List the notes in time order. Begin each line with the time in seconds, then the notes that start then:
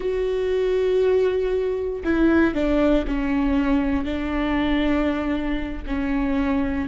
0.00 F#4
2.04 E4
2.54 D4
3.07 C#4
4.04 D4
5.86 C#4